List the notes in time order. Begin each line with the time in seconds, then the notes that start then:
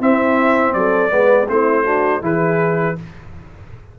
0.00 C4 E4 E5
0.74 F#3 A4 D5
1.10 G#3 B3 B4
1.48 A3 C4 E4 C5
1.85 D4 F#4
2.22 E3 E4 G#4 B4